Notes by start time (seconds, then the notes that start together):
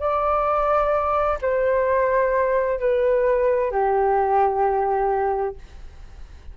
0.00 D5
1.41 C5
2.79 B4
3.71 G4